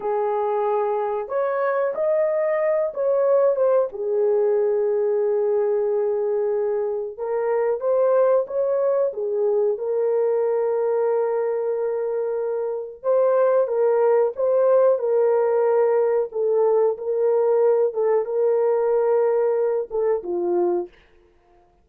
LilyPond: \new Staff \with { instrumentName = "horn" } { \time 4/4 \tempo 4 = 92 gis'2 cis''4 dis''4~ | dis''8 cis''4 c''8 gis'2~ | gis'2. ais'4 | c''4 cis''4 gis'4 ais'4~ |
ais'1 | c''4 ais'4 c''4 ais'4~ | ais'4 a'4 ais'4. a'8 | ais'2~ ais'8 a'8 f'4 | }